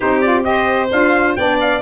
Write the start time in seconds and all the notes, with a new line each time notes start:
0.00 C4 D#4 G4 C5
0.20 F4 D5
0.42 G4 D#5
0.49 C5
0.91 D4 F4 F5
1.35 B3 D4 D5 G5
1.60 F5